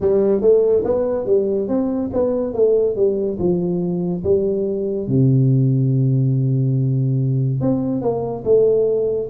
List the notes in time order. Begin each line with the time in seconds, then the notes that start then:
0.00 G3
0.41 A3
0.84 B3
1.26 G3
1.68 C4
2.13 B3
2.54 A3
2.96 G3
3.38 F3
4.23 G3
5.07 C3
7.61 C4
8.01 A#3
8.44 A3